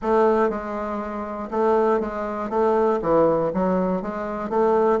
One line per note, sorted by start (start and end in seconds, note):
0.01 0.49 A3
0.49 1.49 G#3
1.50 2.00 A3
2.00 2.49 G#3
2.49 2.99 A3
3.02 3.52 E3
3.53 4.02 F#3
4.02 4.49 G#3
4.49 4.99 A3